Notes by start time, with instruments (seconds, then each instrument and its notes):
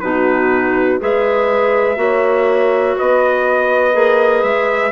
0.00 bassoon B2, clarinet D#4, horn F#4, trumpet B4
0.99 bassoon G#3, clarinet G#4, horn B4, trumpet E5
1.95 bassoon A#3, clarinet F#4, horn C#5
2.98 bassoon B3, horn B4, trumpet D#5
3.93 bassoon A#3, clarinet G#4
4.43 bassoon G#3, trumpet E5